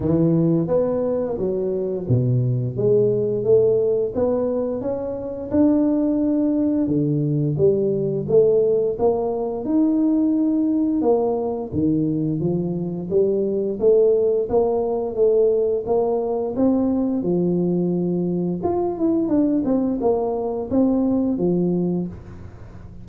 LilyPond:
\new Staff \with { instrumentName = "tuba" } { \time 4/4 \tempo 4 = 87 e4 b4 fis4 b,4 | gis4 a4 b4 cis'4 | d'2 d4 g4 | a4 ais4 dis'2 |
ais4 dis4 f4 g4 | a4 ais4 a4 ais4 | c'4 f2 f'8 e'8 | d'8 c'8 ais4 c'4 f4 | }